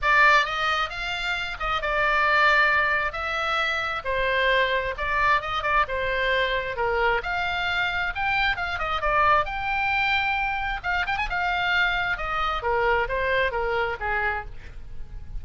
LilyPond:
\new Staff \with { instrumentName = "oboe" } { \time 4/4 \tempo 4 = 133 d''4 dis''4 f''4. dis''8 | d''2. e''4~ | e''4 c''2 d''4 | dis''8 d''8 c''2 ais'4 |
f''2 g''4 f''8 dis''8 | d''4 g''2. | f''8 g''16 gis''16 f''2 dis''4 | ais'4 c''4 ais'4 gis'4 | }